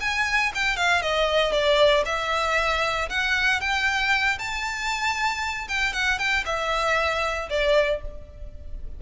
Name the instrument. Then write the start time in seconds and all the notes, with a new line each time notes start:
violin
0.00 G#5
0.54 G5
0.76 F5
1.02 D#5
1.52 D5
2.05 E5
3.09 F#5
3.60 G5
4.38 A5
5.68 G5
5.92 F#5
6.18 G5
6.45 E5
7.49 D5